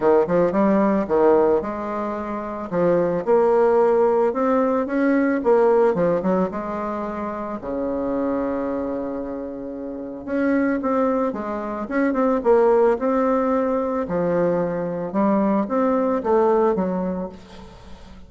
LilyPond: \new Staff \with { instrumentName = "bassoon" } { \time 4/4 \tempo 4 = 111 dis8 f8 g4 dis4 gis4~ | gis4 f4 ais2 | c'4 cis'4 ais4 f8 fis8 | gis2 cis2~ |
cis2. cis'4 | c'4 gis4 cis'8 c'8 ais4 | c'2 f2 | g4 c'4 a4 fis4 | }